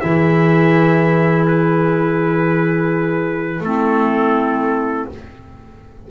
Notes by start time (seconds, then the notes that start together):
0.00 E3 E4 G#4 E5
1.48 B4
3.61 A3 C4 E4 A4